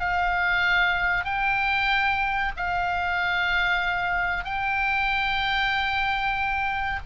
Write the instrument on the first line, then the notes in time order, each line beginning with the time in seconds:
oboe
0.00 F5
1.25 G5
2.57 F5
4.45 G5